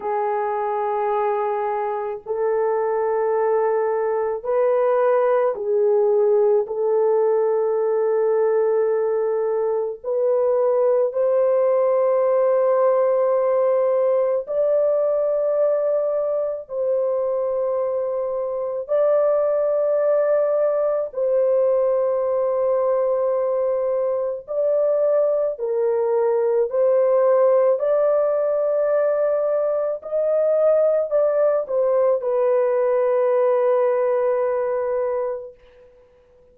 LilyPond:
\new Staff \with { instrumentName = "horn" } { \time 4/4 \tempo 4 = 54 gis'2 a'2 | b'4 gis'4 a'2~ | a'4 b'4 c''2~ | c''4 d''2 c''4~ |
c''4 d''2 c''4~ | c''2 d''4 ais'4 | c''4 d''2 dis''4 | d''8 c''8 b'2. | }